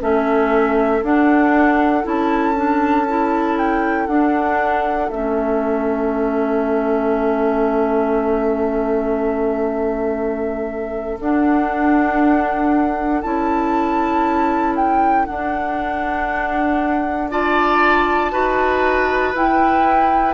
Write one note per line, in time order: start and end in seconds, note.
0.00 1.02 A3
0.00 1.02 C#4
0.00 17.31 A4
0.00 1.04 E5
1.02 2.04 D4
1.02 2.03 D4
1.02 2.06 F#5
2.03 4.08 C#4
2.03 2.54 E4
2.03 3.58 A5
2.55 3.06 D4
3.08 4.08 E4
3.58 4.07 G5
4.07 5.10 D4
4.07 5.09 F#5
5.09 11.19 A3
5.09 11.21 C#4
5.09 11.19 E5
11.19 13.23 D4
11.19 13.22 F#5
13.22 15.28 C#4
13.22 15.26 E4
13.22 14.74 A5
14.75 15.25 G5
15.25 17.30 D4
15.25 18.33 D4
15.25 17.29 F#5
17.30 18.32 F4
17.30 18.32 D5
17.30 19.35 A5
18.32 19.34 D#4
18.32 19.33 F#4
18.32 20.33 B4
19.34 20.33 E4
19.34 20.33 G5